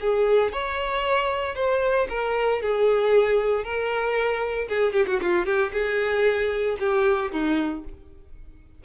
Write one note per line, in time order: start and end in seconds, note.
0.00 0.52 G#4
0.52 1.55 C#5
1.55 2.07 C5
2.09 2.61 A#4
2.61 3.64 G#4
3.64 4.68 A#4
4.68 4.93 G#4
4.93 5.06 G4
5.07 5.20 F#4
5.22 5.45 F4
5.45 5.72 G4
5.72 6.77 G#4
6.79 7.31 G4
7.32 7.84 D#4